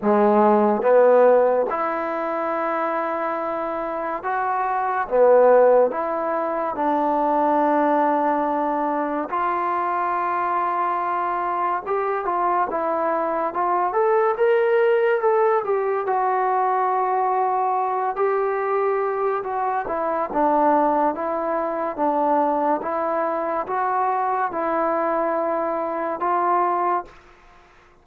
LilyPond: \new Staff \with { instrumentName = "trombone" } { \time 4/4 \tempo 4 = 71 gis4 b4 e'2~ | e'4 fis'4 b4 e'4 | d'2. f'4~ | f'2 g'8 f'8 e'4 |
f'8 a'8 ais'4 a'8 g'8 fis'4~ | fis'4. g'4. fis'8 e'8 | d'4 e'4 d'4 e'4 | fis'4 e'2 f'4 | }